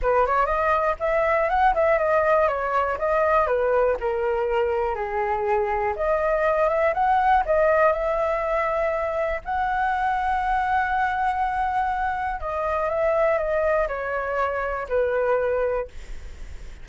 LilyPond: \new Staff \with { instrumentName = "flute" } { \time 4/4 \tempo 4 = 121 b'8 cis''8 dis''4 e''4 fis''8 e''8 | dis''4 cis''4 dis''4 b'4 | ais'2 gis'2 | dis''4. e''8 fis''4 dis''4 |
e''2. fis''4~ | fis''1~ | fis''4 dis''4 e''4 dis''4 | cis''2 b'2 | }